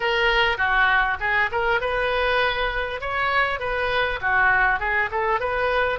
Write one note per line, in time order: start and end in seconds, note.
0.00 0.57 A#4
0.57 1.17 F#4
1.20 1.50 G#4
1.51 1.80 A#4
1.80 3.00 B4
3.00 3.59 C#5
3.59 4.19 B4
4.21 4.79 F#4
4.79 5.09 G#4
5.11 5.40 A4
5.40 5.99 B4